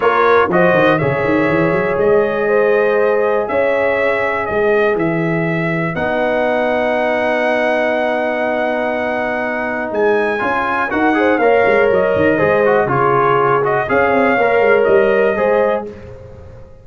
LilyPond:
<<
  \new Staff \with { instrumentName = "trumpet" } { \time 4/4 \tempo 4 = 121 cis''4 dis''4 e''2 | dis''2. e''4~ | e''4 dis''4 e''2 | fis''1~ |
fis''1 | gis''2 fis''4 f''4 | dis''2 cis''4. dis''8 | f''2 dis''2 | }
  \new Staff \with { instrumentName = "horn" } { \time 4/4 ais'4 c''4 cis''2~ | cis''4 c''2 cis''4~ | cis''4 b'2.~ | b'1~ |
b'1~ | b'2 ais'8 c''8 cis''4~ | cis''4 c''4 gis'2 | cis''2. c''4 | }
  \new Staff \with { instrumentName = "trombone" } { \time 4/4 f'4 fis'4 gis'2~ | gis'1~ | gis'1 | dis'1~ |
dis'1~ | dis'4 f'4 fis'8 gis'8 ais'4~ | ais'4 gis'8 fis'8 f'4. fis'8 | gis'4 ais'2 gis'4 | }
  \new Staff \with { instrumentName = "tuba" } { \time 4/4 ais4 f8 dis8 cis8 dis8 e8 fis8 | gis2. cis'4~ | cis'4 gis4 e2 | b1~ |
b1 | gis4 cis'4 dis'4 ais8 gis8 | fis8 dis8 gis4 cis2 | cis'8 c'8 ais8 gis8 g4 gis4 | }
>>